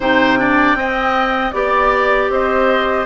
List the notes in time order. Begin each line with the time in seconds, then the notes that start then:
0.00 C3 D#4 C5 G5
0.38 D4 D5
0.75 C4 D#5
1.51 B3 G4 D5
2.29 C4 C5 D#5